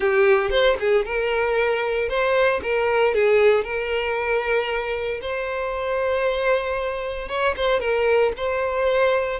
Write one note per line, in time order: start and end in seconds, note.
0.00 0.50 G4
0.50 0.76 C5
0.79 1.05 G#4
1.05 2.08 A#4
2.08 2.61 C5
2.62 3.14 A#4
3.14 3.64 G#4
3.64 5.20 A#4
5.21 7.28 C5
7.28 7.54 C#5
7.56 7.80 C5
7.80 8.32 A#4
8.36 9.39 C5